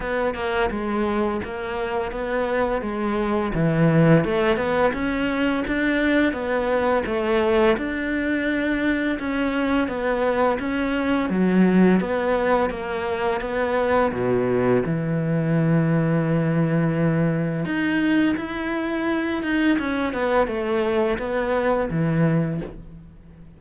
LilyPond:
\new Staff \with { instrumentName = "cello" } { \time 4/4 \tempo 4 = 85 b8 ais8 gis4 ais4 b4 | gis4 e4 a8 b8 cis'4 | d'4 b4 a4 d'4~ | d'4 cis'4 b4 cis'4 |
fis4 b4 ais4 b4 | b,4 e2.~ | e4 dis'4 e'4. dis'8 | cis'8 b8 a4 b4 e4 | }